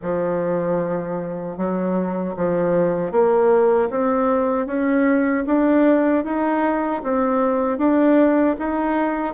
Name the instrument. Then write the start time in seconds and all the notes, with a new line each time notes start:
bassoon
0.01 F3
1.57 F#3
2.36 F3
3.11 A#3
3.90 C4
4.66 C#4
5.46 D4
6.24 D#4
7.03 C4
7.78 D4
8.58 D#4